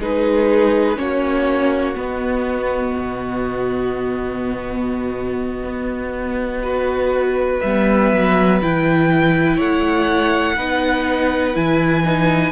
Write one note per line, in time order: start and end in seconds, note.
0.00 0.98 G#3
0.00 0.96 D#4
0.00 0.98 G#4
0.00 0.99 B4
0.96 1.97 A#3
0.96 1.95 C#4
0.96 6.64 F#4
0.96 1.97 C#5
1.95 6.62 B3
1.95 2.96 B3
1.95 7.61 D#5
2.97 5.64 B2
5.64 7.61 B3
6.63 7.62 F#4
6.63 9.57 B4
7.61 8.13 G3
7.61 8.62 B3
7.61 8.59 E5
8.13 8.62 F#3
8.62 9.60 E3
8.62 10.58 E4
8.62 9.61 G5
9.57 10.58 A3
9.57 10.55 C#5
9.57 11.57 F#5
10.56 11.56 B3
10.56 11.54 D#4
10.56 12.52 B4
11.54 12.52 E3
11.54 12.03 E4
11.54 12.52 G#5
12.05 12.52 D#4